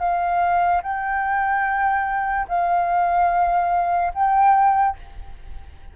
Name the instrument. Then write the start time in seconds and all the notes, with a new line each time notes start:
flute
0.00 F5
0.83 G5
2.48 F5
4.14 G5